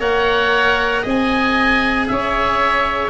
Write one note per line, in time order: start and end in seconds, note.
0.00 1.04 A#3
0.00 1.03 A#4
0.00 1.02 C#5
0.00 1.05 F#5
1.02 2.09 C4
1.02 3.10 G#4
1.02 2.06 D#5
1.09 2.09 G#5
2.09 3.11 C#4
2.09 3.11 C#5
2.09 3.11 E5